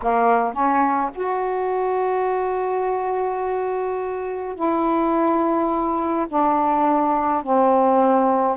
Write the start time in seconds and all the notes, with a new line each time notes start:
0.02 A#3
0.53 C#4
1.15 F#4
4.55 E4
6.29 D4
7.43 C4